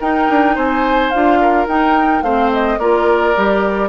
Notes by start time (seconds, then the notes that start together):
0.00 D#4 A#4 G5
0.30 D4
0.55 C4 C5 G#5
1.11 D4 F4 F5
1.42 A#4
1.67 D#4 G5
2.23 A3 C4 C5 F5
2.53 D#5
2.79 A#3 F4 A#4 D5
3.37 G3 G4